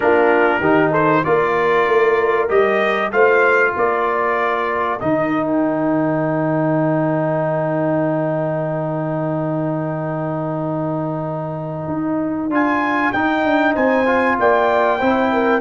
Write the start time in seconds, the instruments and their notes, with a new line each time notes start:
0.00 tuba A#3, trombone D4, horn F4, trumpet A#4
0.60 tuba D#3, trombone D#4, horn G4
0.91 horn A4, trumpet C5
1.24 tuba A#3, trombone F4, horn A#4, trumpet D5
1.87 tuba A3
2.49 tuba G3, trombone G4, trumpet D#5
3.12 tuba A3, trombone F4, horn C5, trumpet F5
3.74 tuba A#3, horn A#4, trumpet D5
4.99 tuba D#3, trombone D#4, trumpet D#5
5.46 trumpet G5
11.87 tuba D#4
12.49 tuba D4, trombone F4, trumpet G#5
13.12 tuba D#4, trombone D#4, trumpet G5
13.44 tuba D4
13.74 tuba C4, horn C5, trumpet G#5
14.05 trombone F4
14.39 tuba A#3, horn D5, trumpet G5
14.99 tuba C4, trombone E4, horn C5
15.32 horn A#4